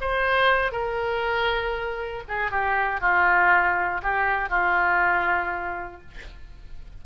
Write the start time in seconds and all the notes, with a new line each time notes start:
0.00 C5
0.71 A#4
2.28 G#4
2.51 G4
3.00 F4
4.02 G4
4.49 F4